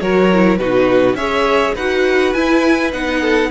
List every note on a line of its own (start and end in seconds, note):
0.00 0.58 F#3
0.00 0.30 F#4
0.00 0.59 A#4
0.00 0.57 C#5
0.32 0.59 E4
0.57 1.14 B2
0.57 1.17 D#4
0.57 1.17 F#4
0.57 1.15 B4
1.14 1.72 C#4
1.14 1.75 G#4
1.14 1.74 C#5
1.14 1.74 E5
1.74 2.33 D#4
1.74 2.34 F#4
1.74 3.20 B4
1.74 2.33 F#5
2.33 2.92 E4
2.33 2.91 G#5
2.92 3.50 B3
2.92 3.50 D#4
2.92 3.50 F#5
3.20 3.49 A4